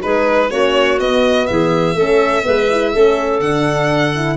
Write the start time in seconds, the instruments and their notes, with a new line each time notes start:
0.00 tuba G#3, horn D#4, clarinet G#4, violin B4
0.50 tuba A#3, horn C#4, clarinet F#4, violin C#5
0.99 tuba B3, horn B3, violin D#5
1.46 tuba E3, clarinet G#4, violin E5
1.95 tuba A3, horn C#4, clarinet A4
2.43 tuba G#3, horn B3, clarinet B4
2.70 horn E4
2.93 tuba A3, horn C#4, clarinet A4
3.40 tuba D3, horn D4, violin F#5
4.14 horn E4